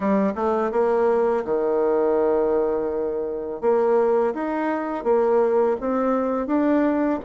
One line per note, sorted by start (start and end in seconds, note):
0.00 0.33 G3
0.35 0.71 A3
0.71 1.44 A#3
1.45 3.61 D#3
3.61 4.33 A#3
4.34 5.04 D#4
5.04 5.76 A#3
5.80 6.47 C4
6.47 7.19 D4